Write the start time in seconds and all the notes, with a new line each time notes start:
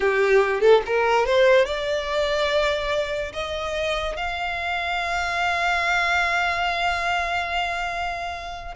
0.00 G4
0.60 A4
0.86 A#4
1.26 C5
1.65 D5
3.33 D#5
4.16 F5